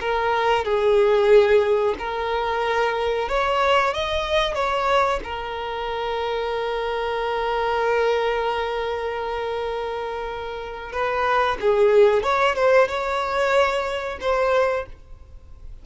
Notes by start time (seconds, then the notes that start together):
0.00 A#4
0.64 G#4
1.98 A#4
3.28 C#5
3.93 D#5
4.54 C#5
5.24 A#4
10.92 B4
11.60 G#4
12.23 C#5
12.55 C5
12.88 C#5
14.21 C5